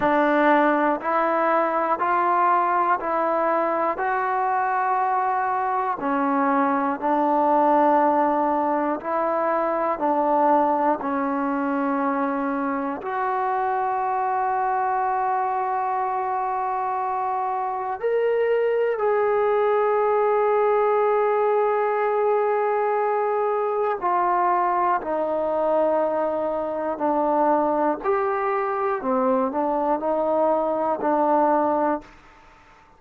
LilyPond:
\new Staff \with { instrumentName = "trombone" } { \time 4/4 \tempo 4 = 60 d'4 e'4 f'4 e'4 | fis'2 cis'4 d'4~ | d'4 e'4 d'4 cis'4~ | cis'4 fis'2.~ |
fis'2 ais'4 gis'4~ | gis'1 | f'4 dis'2 d'4 | g'4 c'8 d'8 dis'4 d'4 | }